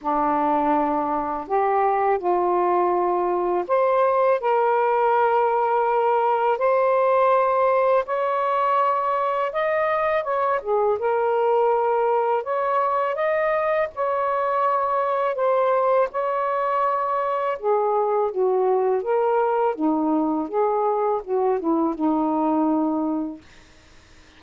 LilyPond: \new Staff \with { instrumentName = "saxophone" } { \time 4/4 \tempo 4 = 82 d'2 g'4 f'4~ | f'4 c''4 ais'2~ | ais'4 c''2 cis''4~ | cis''4 dis''4 cis''8 gis'8 ais'4~ |
ais'4 cis''4 dis''4 cis''4~ | cis''4 c''4 cis''2 | gis'4 fis'4 ais'4 dis'4 | gis'4 fis'8 e'8 dis'2 | }